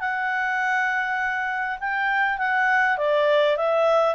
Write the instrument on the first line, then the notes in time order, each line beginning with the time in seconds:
clarinet
0.00 F#5
1.80 G5
2.38 F#5
2.98 D5
3.57 E5